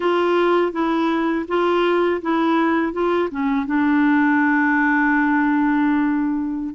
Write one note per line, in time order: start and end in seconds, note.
0.00 0.72 F4
0.72 1.45 E4
1.48 2.21 F4
2.22 2.92 E4
2.92 3.29 F4
3.30 3.66 C#4
3.66 6.74 D4